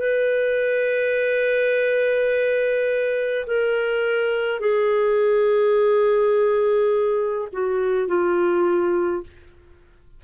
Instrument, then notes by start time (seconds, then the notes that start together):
clarinet
0.00 B4
3.47 A#4
4.60 G#4
7.53 F#4
8.08 F4